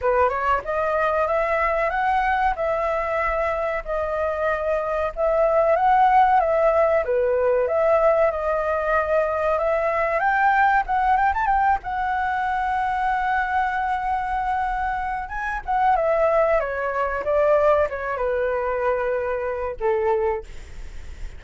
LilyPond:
\new Staff \with { instrumentName = "flute" } { \time 4/4 \tempo 4 = 94 b'8 cis''8 dis''4 e''4 fis''4 | e''2 dis''2 | e''4 fis''4 e''4 b'4 | e''4 dis''2 e''4 |
g''4 fis''8 g''16 a''16 g''8 fis''4.~ | fis''1 | gis''8 fis''8 e''4 cis''4 d''4 | cis''8 b'2~ b'8 a'4 | }